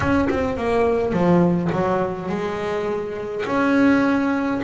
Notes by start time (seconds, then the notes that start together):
0.00 C#4
0.29 C4
0.57 A#3
1.12 F3
1.72 F#3
2.29 G#3
3.46 C#4